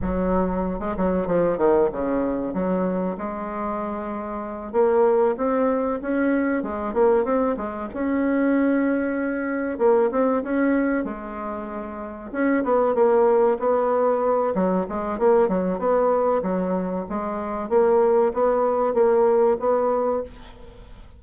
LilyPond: \new Staff \with { instrumentName = "bassoon" } { \time 4/4 \tempo 4 = 95 fis4~ fis16 gis16 fis8 f8 dis8 cis4 | fis4 gis2~ gis8 ais8~ | ais8 c'4 cis'4 gis8 ais8 c'8 | gis8 cis'2. ais8 |
c'8 cis'4 gis2 cis'8 | b8 ais4 b4. fis8 gis8 | ais8 fis8 b4 fis4 gis4 | ais4 b4 ais4 b4 | }